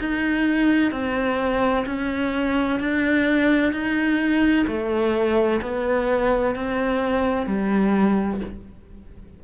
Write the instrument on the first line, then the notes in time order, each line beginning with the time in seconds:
cello
0.00 D#4
0.92 C4
1.87 C#4
2.80 D4
3.73 D#4
4.68 A3
5.62 B3
6.55 C4
7.47 G3